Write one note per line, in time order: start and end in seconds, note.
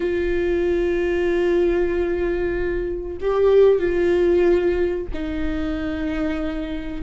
0.00 3.17 F4
3.21 3.79 G4
3.79 5.07 F4
5.13 7.02 D#4